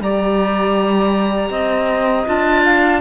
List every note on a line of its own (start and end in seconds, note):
0.00 1.50 G3
0.00 2.27 G4
0.00 1.51 D5
0.00 2.28 A#5
1.50 2.25 C4
1.50 2.64 D#5
2.27 3.02 D4
2.27 3.02 F4
2.27 3.02 A5
2.64 3.01 F5